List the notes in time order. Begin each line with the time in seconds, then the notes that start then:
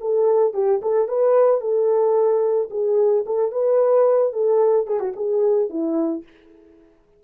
0.00 A4
0.54 G4
0.82 A4
1.08 B4
1.60 A4
2.70 G#4
3.26 A4
3.51 B4
4.33 A4
4.86 G#4
5.00 F#4
5.15 G#4
5.69 E4